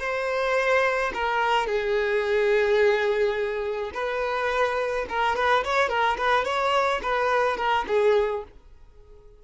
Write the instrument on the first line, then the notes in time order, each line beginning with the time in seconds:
violin
0.00 C5
1.14 A#4
1.67 G#4
3.94 B4
5.09 A#4
5.36 B4
5.64 C#5
5.89 A#4
6.17 B4
6.45 C#5
7.03 B4
7.57 A#4
7.87 G#4